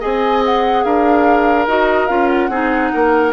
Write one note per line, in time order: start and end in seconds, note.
0.00 0.84 C4
0.00 1.67 G#4
0.00 0.83 D#5
0.00 0.43 G#5
0.45 0.83 F#5
0.83 1.67 D4
0.83 2.50 A#4
0.83 1.67 F5
1.67 2.08 D#4
1.67 2.08 F#4
1.67 2.06 D#5
2.06 2.49 C#4
2.06 2.49 F4
2.06 2.27 F5
2.27 3.31 F#5
2.49 2.90 C4
2.49 3.32 D#4
2.49 2.91 G#4
2.93 3.32 A#3
2.93 3.32 A#4